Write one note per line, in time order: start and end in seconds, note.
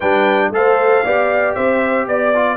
0.00 0.51 G3
0.00 0.53 D4
0.00 0.50 B4
0.00 0.52 G5
0.51 1.02 A3
0.51 1.05 A4
0.51 1.04 C5
0.51 1.54 F5
1.04 1.56 B3
1.04 2.34 G4
1.04 1.55 D5
1.54 2.07 C4
1.54 2.07 C5
1.54 2.06 E5
2.07 2.57 B3
2.07 2.57 D5
2.34 2.57 F4